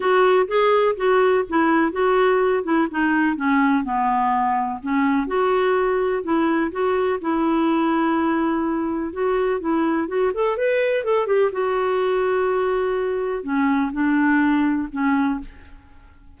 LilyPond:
\new Staff \with { instrumentName = "clarinet" } { \time 4/4 \tempo 4 = 125 fis'4 gis'4 fis'4 e'4 | fis'4. e'8 dis'4 cis'4 | b2 cis'4 fis'4~ | fis'4 e'4 fis'4 e'4~ |
e'2. fis'4 | e'4 fis'8 a'8 b'4 a'8 g'8 | fis'1 | cis'4 d'2 cis'4 | }